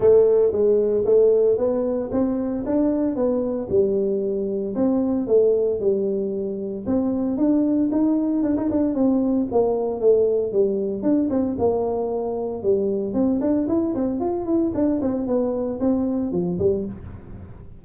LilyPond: \new Staff \with { instrumentName = "tuba" } { \time 4/4 \tempo 4 = 114 a4 gis4 a4 b4 | c'4 d'4 b4 g4~ | g4 c'4 a4 g4~ | g4 c'4 d'4 dis'4 |
d'16 dis'16 d'8 c'4 ais4 a4 | g4 d'8 c'8 ais2 | g4 c'8 d'8 e'8 c'8 f'8 e'8 | d'8 c'8 b4 c'4 f8 g8 | }